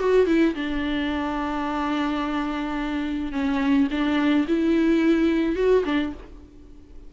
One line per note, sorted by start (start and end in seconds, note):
0.00 0.27 F#4
0.27 0.55 E4
0.55 3.33 D4
3.33 3.88 C#4
3.91 4.47 D4
4.48 5.56 E4
5.56 5.84 F#4
5.86 6.13 D4